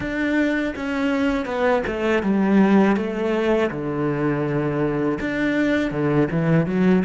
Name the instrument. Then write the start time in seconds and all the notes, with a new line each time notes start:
cello
0.00 D4
0.76 C#4
1.45 B3
1.87 A3
2.23 G3
2.96 A3
3.70 D3
5.20 D4
5.91 D3
6.31 E3
6.66 F#3